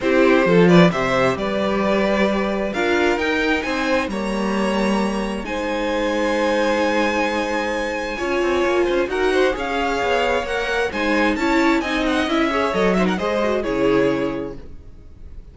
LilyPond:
<<
  \new Staff \with { instrumentName = "violin" } { \time 4/4 \tempo 4 = 132 c''4. d''8 e''4 d''4~ | d''2 f''4 g''4 | gis''4 ais''2. | gis''1~ |
gis''1 | fis''4 f''2 fis''4 | gis''4 a''4 gis''8 fis''8 e''4 | dis''8 e''16 fis''16 dis''4 cis''2 | }
  \new Staff \with { instrumentName = "violin" } { \time 4/4 g'4 a'8 b'8 c''4 b'4~ | b'2 ais'2 | c''4 cis''2. | c''1~ |
c''2 cis''4. c''8 | ais'8 c''8 cis''2. | c''4 cis''4 dis''4. cis''8~ | cis''8 c''16 ais'16 c''4 gis'2 | }
  \new Staff \with { instrumentName = "viola" } { \time 4/4 e'4 f'4 g'2~ | g'2 f'4 dis'4~ | dis'4 ais2. | dis'1~ |
dis'2 f'2 | fis'4 gis'2 ais'4 | dis'4 e'4 dis'4 e'8 gis'8 | a'8 dis'8 gis'8 fis'8 e'2 | }
  \new Staff \with { instrumentName = "cello" } { \time 4/4 c'4 f4 c4 g4~ | g2 d'4 dis'4 | c'4 g2. | gis1~ |
gis2 cis'8 c'8 ais8 cis'8 | dis'4 cis'4 b4 ais4 | gis4 cis'4 c'4 cis'4 | fis4 gis4 cis2 | }
>>